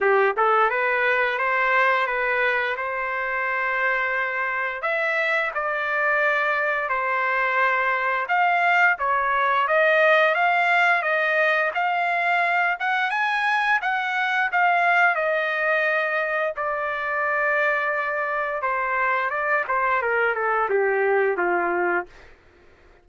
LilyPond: \new Staff \with { instrumentName = "trumpet" } { \time 4/4 \tempo 4 = 87 g'8 a'8 b'4 c''4 b'4 | c''2. e''4 | d''2 c''2 | f''4 cis''4 dis''4 f''4 |
dis''4 f''4. fis''8 gis''4 | fis''4 f''4 dis''2 | d''2. c''4 | d''8 c''8 ais'8 a'8 g'4 f'4 | }